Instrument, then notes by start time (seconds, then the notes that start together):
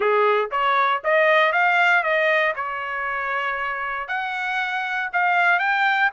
trumpet
0.00 G#4
0.51 C#5
1.04 D#5
1.52 F5
2.03 D#5
2.55 C#5
4.07 F#5
5.12 F5
5.59 G5